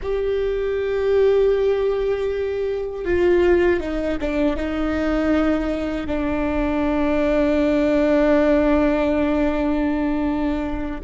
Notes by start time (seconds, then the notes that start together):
0.02 G4
3.04 F4
3.80 D#4
4.20 D4
4.56 D#4
6.07 D4